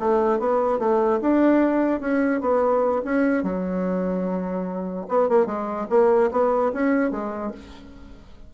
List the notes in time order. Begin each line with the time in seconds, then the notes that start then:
0.00 A3
0.40 B3
0.80 A3
1.22 D4
2.01 C#4
2.41 B3
3.05 C#4
3.44 F#3
5.09 B3
5.29 A#3
5.47 G#3
5.90 A#3
6.32 B3
6.73 C#4
7.12 G#3